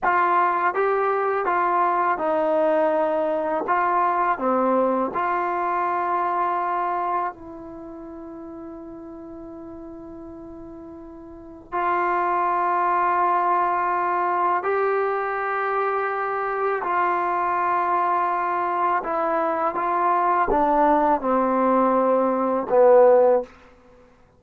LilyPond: \new Staff \with { instrumentName = "trombone" } { \time 4/4 \tempo 4 = 82 f'4 g'4 f'4 dis'4~ | dis'4 f'4 c'4 f'4~ | f'2 e'2~ | e'1 |
f'1 | g'2. f'4~ | f'2 e'4 f'4 | d'4 c'2 b4 | }